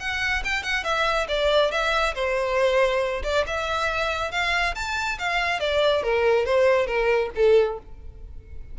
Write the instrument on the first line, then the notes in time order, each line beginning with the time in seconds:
violin
0.00 F#5
0.45 G5
0.63 F#5
0.84 E5
1.29 D5
1.71 E5
2.15 C5
3.24 D5
3.47 E5
4.32 F5
4.75 A5
5.19 F5
5.60 D5
6.03 A#4
6.46 C5
6.87 A#4
7.36 A4